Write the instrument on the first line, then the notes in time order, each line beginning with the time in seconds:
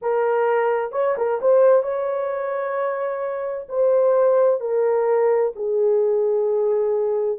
horn
0.01 A#4
0.92 C#5
1.17 A#4
1.41 C5
1.82 C#5
3.68 C5
4.60 A#4
5.55 G#4